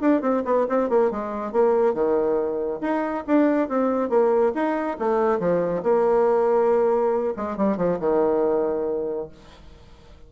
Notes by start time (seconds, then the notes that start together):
0.00 D4
0.21 C4
0.45 B3
0.68 C4
0.89 A#3
1.10 G#3
1.52 A#3
1.93 D#3
2.80 D#4
3.26 D4
3.68 C4
4.09 A#3
4.54 D#4
4.99 A3
5.39 F3
5.82 A#3
7.36 G#3
7.57 G3
7.77 F3
7.99 D#3